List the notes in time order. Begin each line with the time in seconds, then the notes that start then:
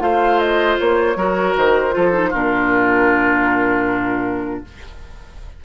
0.00 A3 F4 C5 F5
0.40 D#5
0.79 A#3 C#5
1.16 F#3 F#4 A#4
1.57 D#3 C5
1.92 F3 F4 A4
2.13 D#4
2.30 A#2 D4 F4 A#4